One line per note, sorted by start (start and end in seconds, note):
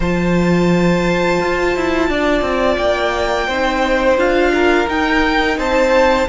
0.00 1.39 F3
0.00 3.50 F4
0.00 2.09 C5
0.00 2.77 A5
1.41 1.75 F4
1.75 2.08 E4
2.08 2.41 D4
2.08 3.47 D5
2.41 2.76 C4
2.77 3.48 A#3
2.77 4.16 G5
3.47 4.17 C4
3.47 4.18 D#4
3.47 4.52 C5
4.17 4.86 D4
4.17 4.86 F4
4.17 4.88 F5
4.53 5.58 A#4
4.86 6.26 D#4
4.86 5.57 D#4
4.86 5.59 G5
5.57 6.27 C4
5.57 6.27 C5
5.57 6.28 A5